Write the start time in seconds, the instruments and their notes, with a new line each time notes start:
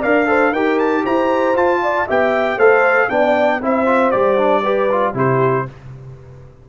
0.00 tuba D4, trombone A#4, horn D5, trumpet F5
0.27 trombone A4, horn C5
0.52 tuba D#4, trombone G4, horn A#4, trumpet G5
0.79 trumpet A5
1.04 tuba E4, horn C5, trumpet A#5
1.55 tuba F4, trombone F4, trumpet A5
1.83 horn D5
2.06 tuba B3, trombone G4, horn E5, trumpet G5
2.57 tuba A3, trombone A4, horn C5, trumpet F5
3.09 tuba B3, trombone D4, horn D5, trumpet G5
3.61 tuba C4, trombone E4, horn C5, trumpet E5
3.86 trombone F4
4.11 tuba G3, trombone G4, trumpet D5
4.37 trombone D4
4.62 trombone G4, horn B4
4.91 trombone F4
5.14 tuba C3, trombone E4, horn G4, trumpet C5